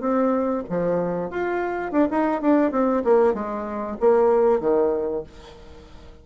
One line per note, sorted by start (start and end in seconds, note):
0.00 0.63 C4
0.69 1.30 F3
1.30 1.92 F4
1.92 2.08 D4
2.10 2.41 D#4
2.41 2.71 D4
2.71 3.03 C4
3.04 3.34 A#3
3.34 3.97 G#3
4.00 4.60 A#3
4.60 5.23 D#3